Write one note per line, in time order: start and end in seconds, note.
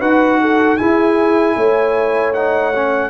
0.00 0.80 D#4
0.00 0.79 F#4
0.00 0.39 B4
0.00 0.78 F#5
0.42 0.79 A4
0.78 2.35 E4
0.78 1.57 E4
0.78 1.57 G#4
0.78 2.33 G#5
1.57 3.11 A3
1.57 3.11 C#5
2.34 2.74 D#4
2.34 3.11 F#5
2.76 3.11 C#4